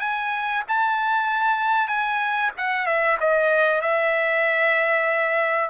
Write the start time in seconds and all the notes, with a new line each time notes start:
0.00 G#5
0.69 A5
1.88 G#5
2.58 F#5
2.86 E5
3.20 D#5
3.82 E5